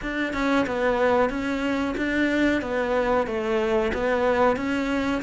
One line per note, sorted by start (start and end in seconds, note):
0.01 0.33 D4
0.33 0.66 C#4
0.66 1.29 B3
1.29 1.94 C#4
1.97 2.61 D4
2.61 3.26 B3
3.26 3.91 A3
3.93 4.56 B3
4.56 5.21 C#4